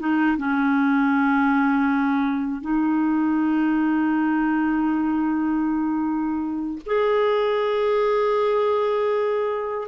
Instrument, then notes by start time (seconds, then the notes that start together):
clarinet
0.00 D#4
0.38 C#4
2.62 D#4
6.86 G#4